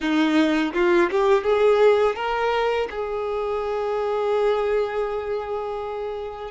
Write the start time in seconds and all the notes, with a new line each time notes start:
0.00 D#4
0.73 F4
1.10 G4
1.43 G#4
2.15 A#4
2.90 G#4